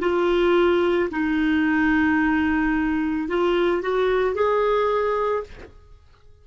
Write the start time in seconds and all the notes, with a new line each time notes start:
0.00 F4
1.11 D#4
3.28 F4
3.81 F#4
4.34 G#4